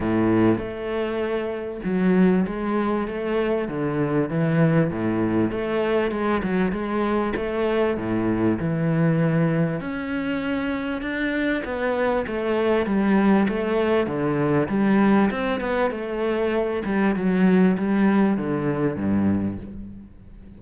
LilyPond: \new Staff \with { instrumentName = "cello" } { \time 4/4 \tempo 4 = 98 a,4 a2 fis4 | gis4 a4 d4 e4 | a,4 a4 gis8 fis8 gis4 | a4 a,4 e2 |
cis'2 d'4 b4 | a4 g4 a4 d4 | g4 c'8 b8 a4. g8 | fis4 g4 d4 g,4 | }